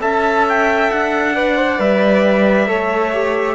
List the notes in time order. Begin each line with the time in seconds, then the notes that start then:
0.00 C#4 A4 E5 A5
0.49 G5
0.91 D4 F#5
1.35 B4 D5
1.57 C5
1.79 G3 B4 E5
2.67 A3 A4 C#5
3.13 G4